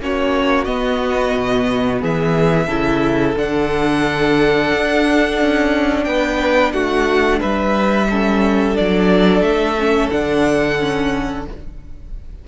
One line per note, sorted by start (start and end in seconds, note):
0.00 0.66 A#3
0.00 0.66 C#4
0.00 2.01 F#4
0.00 0.64 C#5
0.64 2.68 B3
0.64 1.34 B3
0.64 1.99 D#5
1.35 2.02 B2
2.01 2.68 E3
2.01 2.66 G#4
2.01 3.37 E5
2.66 3.35 C#3
2.66 3.36 E4
2.66 6.03 A4
3.36 4.72 D3
3.36 8.08 D4
3.36 6.04 F#5
4.73 5.41 D4
5.41 6.06 C#4
6.04 6.73 B3
6.04 6.73 B4
6.04 6.71 G5
6.72 7.40 A3
6.72 7.40 F#4
6.72 7.39 F#5
7.40 8.77 G3
7.40 8.07 B4
7.40 8.76 E5
8.09 8.75 C#4
8.09 11.46 A4
8.75 9.41 F#3
8.75 9.76 D4
8.75 9.42 D5
9.41 10.09 A3
9.41 10.09 E5
9.78 10.11 C#4
10.10 11.47 D3
10.10 10.79 D4
10.10 11.45 F#5
10.79 11.46 C#4